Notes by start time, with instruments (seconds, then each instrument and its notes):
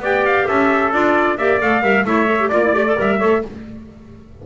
0.00 double bass B3, clarinet G4, trumpet D5 G5
0.26 trumpet F5
0.48 double bass C#4, trumpet A4 E5
0.93 double bass D4, clarinet F4, trumpet D5
1.38 double bass A#3, clarinet G4, trumpet D5 E5
1.61 double bass A3, clarinet A4, trumpet F5
1.82 double bass G3, clarinet A#4, trumpet E5
2.05 double bass A3, clarinet E4, trumpet C#5 E5
2.26 clarinet A4
2.40 clarinet G4
2.49 double bass A#3, clarinet F4, trumpet D5
2.63 clarinet E4
2.74 double bass A3, clarinet G4
2.86 clarinet A4
2.97 double bass G3, clarinet A#4, trumpet E5
3.20 double bass A3, clarinet A4, trumpet C#5